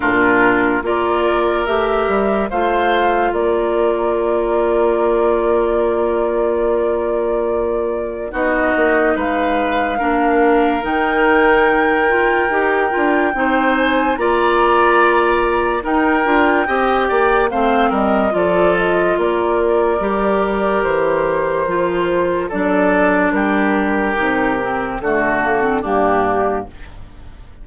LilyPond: <<
  \new Staff \with { instrumentName = "flute" } { \time 4/4 \tempo 4 = 72 ais'4 d''4 e''4 f''4 | d''1~ | d''2 dis''4 f''4~ | f''4 g''2.~ |
g''8 gis''8 ais''2 g''4~ | g''4 f''8 dis''8 d''8 dis''8 d''4~ | d''4 c''2 d''4 | ais'2 a'4 g'4 | }
  \new Staff \with { instrumentName = "oboe" } { \time 4/4 f'4 ais'2 c''4 | ais'1~ | ais'2 fis'4 b'4 | ais'1 |
c''4 d''2 ais'4 | dis''8 d''8 c''8 ais'8 a'4 ais'4~ | ais'2. a'4 | g'2 fis'4 d'4 | }
  \new Staff \with { instrumentName = "clarinet" } { \time 4/4 d'4 f'4 g'4 f'4~ | f'1~ | f'2 dis'2 | d'4 dis'4. f'8 g'8 f'8 |
dis'4 f'2 dis'8 f'8 | g'4 c'4 f'2 | g'2 f'4 d'4~ | d'4 dis'8 c'8 a8 ais16 c'16 ais4 | }
  \new Staff \with { instrumentName = "bassoon" } { \time 4/4 ais,4 ais4 a8 g8 a4 | ais1~ | ais2 b8 ais8 gis4 | ais4 dis2 dis'8 d'8 |
c'4 ais2 dis'8 d'8 | c'8 ais8 a8 g8 f4 ais4 | g4 e4 f4 fis4 | g4 c4 d4 g,4 | }
>>